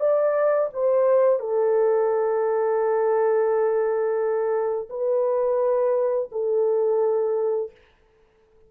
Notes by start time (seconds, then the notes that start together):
0.00 D5
0.73 C5
1.40 A4
4.90 B4
6.32 A4